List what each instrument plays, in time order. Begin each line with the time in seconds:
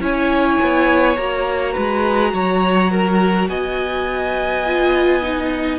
0.00 cello C#4, viola E4, violin C#5 G#5
0.62 cello B3
1.17 cello A#3, viola F#4, violin A#5
1.73 cello G#3, violin B4
2.33 cello F#3, violin C#5
2.92 violin A#4
3.48 cello B3, violin D#5 G#5
4.66 viola F4
5.23 viola D#4